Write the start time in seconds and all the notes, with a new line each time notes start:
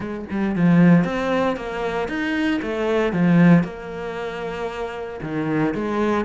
0.00 G#3
0.30 G3
0.55 F3
1.04 C4
1.56 A#3
2.08 D#4
2.61 A3
3.12 F3
3.63 A#3
5.22 D#3
5.74 G#3